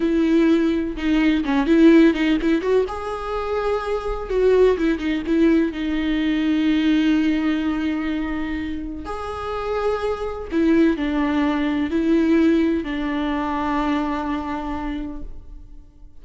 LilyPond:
\new Staff \with { instrumentName = "viola" } { \time 4/4 \tempo 4 = 126 e'2 dis'4 cis'8 e'8~ | e'8 dis'8 e'8 fis'8 gis'2~ | gis'4 fis'4 e'8 dis'8 e'4 | dis'1~ |
dis'2. gis'4~ | gis'2 e'4 d'4~ | d'4 e'2 d'4~ | d'1 | }